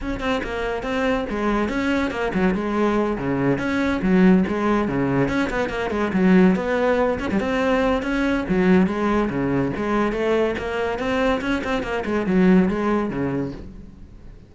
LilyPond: \new Staff \with { instrumentName = "cello" } { \time 4/4 \tempo 4 = 142 cis'8 c'8 ais4 c'4 gis4 | cis'4 ais8 fis8 gis4. cis8~ | cis8 cis'4 fis4 gis4 cis8~ | cis8 cis'8 b8 ais8 gis8 fis4 b8~ |
b4 cis'16 g16 c'4. cis'4 | fis4 gis4 cis4 gis4 | a4 ais4 c'4 cis'8 c'8 | ais8 gis8 fis4 gis4 cis4 | }